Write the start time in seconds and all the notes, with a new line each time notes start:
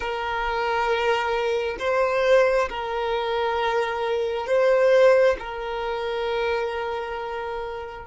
0.00 A#4
1.79 C5
2.69 A#4
4.46 C5
5.39 A#4